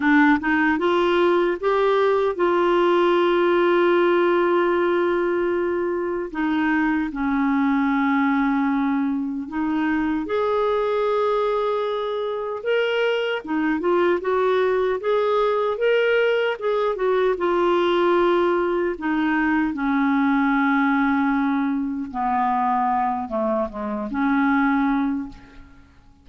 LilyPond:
\new Staff \with { instrumentName = "clarinet" } { \time 4/4 \tempo 4 = 76 d'8 dis'8 f'4 g'4 f'4~ | f'1 | dis'4 cis'2. | dis'4 gis'2. |
ais'4 dis'8 f'8 fis'4 gis'4 | ais'4 gis'8 fis'8 f'2 | dis'4 cis'2. | b4. a8 gis8 cis'4. | }